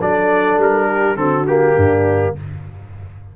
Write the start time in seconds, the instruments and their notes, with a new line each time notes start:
0.00 tuba F#3, trombone D4, horn A4, trumpet D5
0.58 tuba G3, trumpet A#4
0.88 horn G4
1.16 tuba D3, trombone C4, horn F#4, trumpet A4
1.47 trombone A#3, trumpet G4
1.77 tuba G2, horn D4